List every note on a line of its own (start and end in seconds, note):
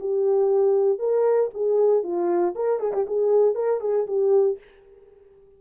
0.00 0.99 G4
0.99 1.50 A#4
1.54 2.03 G#4
2.03 2.54 F4
2.55 2.80 A#4
2.80 2.93 G#4
2.93 3.06 G4
3.07 3.55 G#4
3.55 3.80 A#4
3.81 4.06 G#4
4.07 4.58 G4